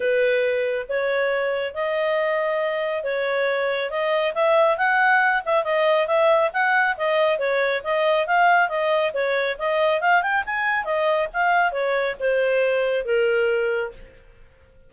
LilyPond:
\new Staff \with { instrumentName = "clarinet" } { \time 4/4 \tempo 4 = 138 b'2 cis''2 | dis''2. cis''4~ | cis''4 dis''4 e''4 fis''4~ | fis''8 e''8 dis''4 e''4 fis''4 |
dis''4 cis''4 dis''4 f''4 | dis''4 cis''4 dis''4 f''8 g''8 | gis''4 dis''4 f''4 cis''4 | c''2 ais'2 | }